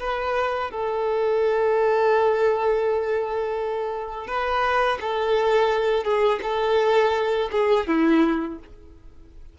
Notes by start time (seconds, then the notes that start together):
0.00 B4
0.71 A4
4.28 B4
5.01 A4
6.05 G#4
6.43 A4
7.52 G#4
7.88 E4